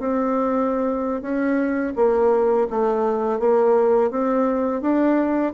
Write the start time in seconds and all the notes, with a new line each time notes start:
0.00 C4
1.22 C#4
1.96 A#3
2.70 A3
3.40 A#3
4.11 C4
4.82 D4